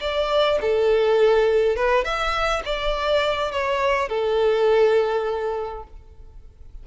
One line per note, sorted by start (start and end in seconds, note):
0.00 0.58 D5
0.61 1.76 A4
1.76 2.04 B4
2.04 2.62 E5
2.65 3.51 D5
3.51 4.08 C#5
4.08 5.83 A4